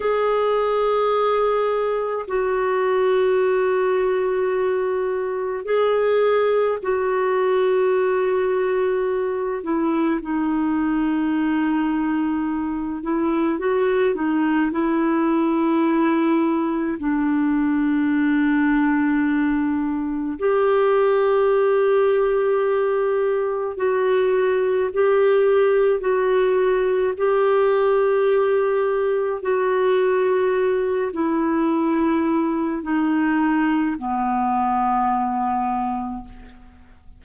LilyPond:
\new Staff \with { instrumentName = "clarinet" } { \time 4/4 \tempo 4 = 53 gis'2 fis'2~ | fis'4 gis'4 fis'2~ | fis'8 e'8 dis'2~ dis'8 e'8 | fis'8 dis'8 e'2 d'4~ |
d'2 g'2~ | g'4 fis'4 g'4 fis'4 | g'2 fis'4. e'8~ | e'4 dis'4 b2 | }